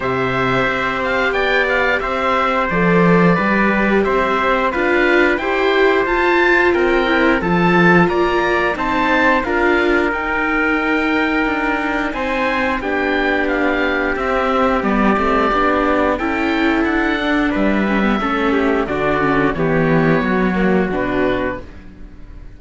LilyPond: <<
  \new Staff \with { instrumentName = "oboe" } { \time 4/4 \tempo 4 = 89 e''4. f''8 g''8 f''8 e''4 | d''2 e''4 f''4 | g''4 a''4 g''4 a''4 | ais''4 a''4 f''4 g''4~ |
g''2 gis''4 g''4 | f''4 e''4 d''2 | g''4 fis''4 e''2 | d''4 cis''2 b'4 | }
  \new Staff \with { instrumentName = "trumpet" } { \time 4/4 c''2 d''4 c''4~ | c''4 b'4 c''4 b'4 | c''2 ais'4 a'4 | d''4 c''4 ais'2~ |
ais'2 c''4 g'4~ | g'1 | a'2 b'4 a'8 g'8 | fis'4 g'4 fis'2 | }
  \new Staff \with { instrumentName = "viola" } { \time 4/4 g'1 | a'4 g'2 f'4 | g'4 f'4. e'8 f'4~ | f'4 dis'4 f'4 dis'4~ |
dis'2. d'4~ | d'4 c'4 b8 c'8 d'4 | e'4. d'4 cis'16 b16 cis'4 | d'8 cis'8 b4. ais8 d'4 | }
  \new Staff \with { instrumentName = "cello" } { \time 4/4 c4 c'4 b4 c'4 | f4 g4 c'4 d'4 | e'4 f'4 c'4 f4 | ais4 c'4 d'4 dis'4~ |
dis'4 d'4 c'4 b4~ | b4 c'4 g8 a8 b4 | cis'4 d'4 g4 a4 | d4 e4 fis4 b,4 | }
>>